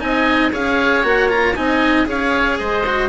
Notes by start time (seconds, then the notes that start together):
0.00 C4 D#4 D#5 G#5
0.52 C#4 G#4 C#5 F5
1.04 A#3 F#4 F#5
1.30 F4 A#5
1.56 C4 D#4 D#5 G#5
2.06 C#4 G#4 C#5 F5
2.59 G#3 C5 D#5
2.87 F#4